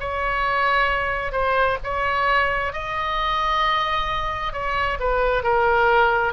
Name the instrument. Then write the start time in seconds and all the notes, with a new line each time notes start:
oboe
0.00 C#5
1.32 C5
1.83 C#5
2.73 D#5
4.52 C#5
4.99 B4
5.43 A#4